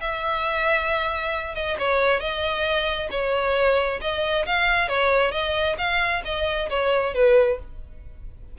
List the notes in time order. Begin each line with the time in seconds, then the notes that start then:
0.00 E5
1.54 D#5
1.78 C#5
2.20 D#5
3.11 C#5
4.01 D#5
4.46 F5
4.88 C#5
5.32 D#5
5.78 F5
6.25 D#5
6.69 C#5
7.14 B4